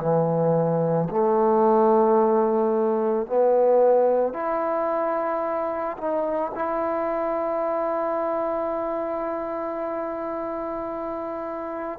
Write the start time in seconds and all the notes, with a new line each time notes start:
0.00 E3
1.11 A3
3.27 B3
4.33 E4
5.98 D#4
6.55 E4